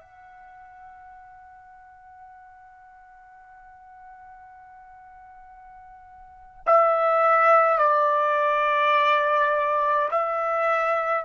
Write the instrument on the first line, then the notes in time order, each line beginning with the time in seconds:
trumpet
0.00 F#5
6.66 E5
7.78 D5
10.11 E5